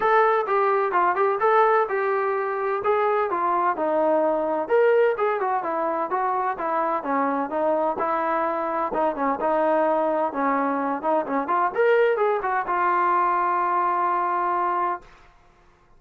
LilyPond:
\new Staff \with { instrumentName = "trombone" } { \time 4/4 \tempo 4 = 128 a'4 g'4 f'8 g'8 a'4 | g'2 gis'4 f'4 | dis'2 ais'4 gis'8 fis'8 | e'4 fis'4 e'4 cis'4 |
dis'4 e'2 dis'8 cis'8 | dis'2 cis'4. dis'8 | cis'8 f'8 ais'4 gis'8 fis'8 f'4~ | f'1 | }